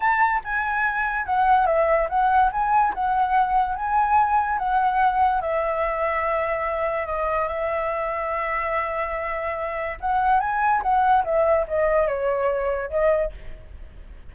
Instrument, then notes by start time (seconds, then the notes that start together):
flute
0.00 A5
0.44 G#5
1.25 F#5
1.66 E5
2.09 F#5
2.52 G#5
2.94 F#5
3.75 G#5
4.58 F#5
5.41 E5
7.06 D#5
7.48 E5
10.00 F#5
10.39 G#5
10.82 F#5
11.24 E5
11.67 D#5
12.07 C#5
12.90 D#5